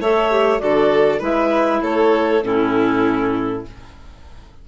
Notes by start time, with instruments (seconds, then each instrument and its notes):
0.00 bassoon A3, clarinet A4 E5, violin C#5
0.31 clarinet G4
0.59 bassoon D3, clarinet F#4 D5, violin A4
1.19 bassoon G#3, clarinet E4 E5, violin B4
1.82 bassoon A3, violin A4, clarinet C#5
2.42 bassoon A2, clarinet C#4 A4, violin E4